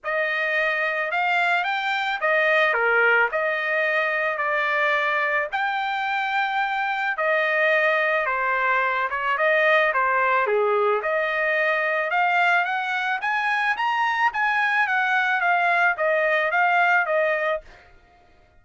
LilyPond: \new Staff \with { instrumentName = "trumpet" } { \time 4/4 \tempo 4 = 109 dis''2 f''4 g''4 | dis''4 ais'4 dis''2 | d''2 g''2~ | g''4 dis''2 c''4~ |
c''8 cis''8 dis''4 c''4 gis'4 | dis''2 f''4 fis''4 | gis''4 ais''4 gis''4 fis''4 | f''4 dis''4 f''4 dis''4 | }